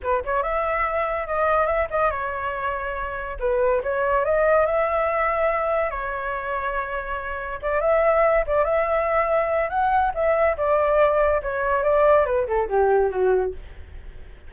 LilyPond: \new Staff \with { instrumentName = "flute" } { \time 4/4 \tempo 4 = 142 b'8 cis''8 e''2 dis''4 | e''8 dis''8 cis''2. | b'4 cis''4 dis''4 e''4~ | e''2 cis''2~ |
cis''2 d''8 e''4. | d''8 e''2~ e''8 fis''4 | e''4 d''2 cis''4 | d''4 b'8 a'8 g'4 fis'4 | }